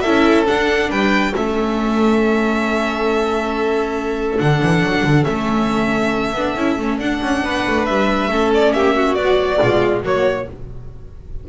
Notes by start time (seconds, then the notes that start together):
0.00 C#4 E4 A4 E5
0.45 D4 F#5
0.89 G3 B4 G5
1.32 A3 C#4 A4 E5
4.38 D3 D4 F#5
4.62 E3
4.83 F#3
5.03 D3
5.24 A3 C#4 E5
6.34 B3 D4
6.55 C#4 E4
6.78 A3 C#4
6.98 D4 F#5
7.21 C#4
7.43 B3 B4
7.66 A3
7.85 G3 E5
8.28 A3 C#4 A4
8.54 D5
8.72 A#3 G4 E5
8.96 F#4
9.14 F#3 B3 D5
9.60 B2 G#3 F4
10.03 F#3 A#3 F#4 C#5